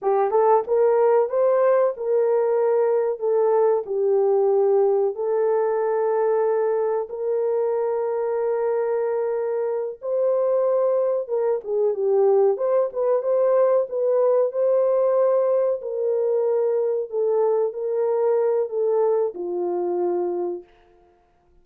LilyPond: \new Staff \with { instrumentName = "horn" } { \time 4/4 \tempo 4 = 93 g'8 a'8 ais'4 c''4 ais'4~ | ais'4 a'4 g'2 | a'2. ais'4~ | ais'2.~ ais'8 c''8~ |
c''4. ais'8 gis'8 g'4 c''8 | b'8 c''4 b'4 c''4.~ | c''8 ais'2 a'4 ais'8~ | ais'4 a'4 f'2 | }